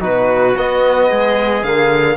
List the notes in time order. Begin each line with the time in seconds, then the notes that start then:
0.00 B2 D#4 F#4 B4
0.57 B3 D#5
1.09 G#3 G#4
1.63 D3 A#3 F5